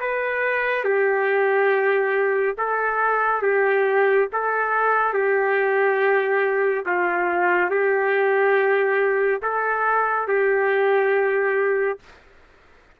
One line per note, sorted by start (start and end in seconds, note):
0.00 0.84 B4
0.84 2.56 G4
2.58 3.42 A4
3.42 4.28 G4
4.32 5.13 A4
5.13 6.85 G4
6.85 7.70 F4
7.70 9.41 G4
9.42 10.28 A4
10.28 11.99 G4